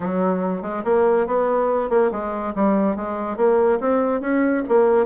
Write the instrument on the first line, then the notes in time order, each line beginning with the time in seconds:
bassoon
0.00 F#3
0.62 G#3
0.84 A#3
1.27 B3
1.89 A#3
2.11 G#3
2.55 G3
2.96 G#3
3.36 A#3
3.80 C4
4.20 C#4
4.68 A#3